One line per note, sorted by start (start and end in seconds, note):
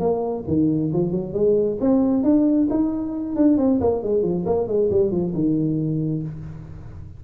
0.00 0.44 A#3
0.48 0.92 D#3
0.93 1.12 F3
1.12 1.34 F#3
1.34 1.78 G#3
1.81 2.24 C4
2.24 2.68 D4
2.71 3.36 D#4
3.36 3.58 D4
3.58 3.80 C4
3.81 4.03 A#3
4.04 4.23 G#3
4.23 4.45 F3
4.46 4.68 A#3
4.68 4.90 G#3
4.91 5.12 G3
5.12 5.34 F3
5.35 6.23 D#3